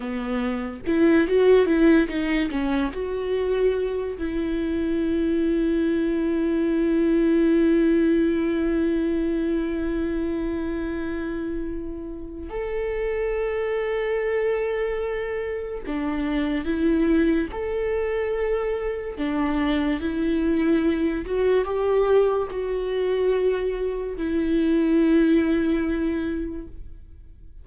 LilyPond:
\new Staff \with { instrumentName = "viola" } { \time 4/4 \tempo 4 = 72 b4 e'8 fis'8 e'8 dis'8 cis'8 fis'8~ | fis'4 e'2.~ | e'1~ | e'2. a'4~ |
a'2. d'4 | e'4 a'2 d'4 | e'4. fis'8 g'4 fis'4~ | fis'4 e'2. | }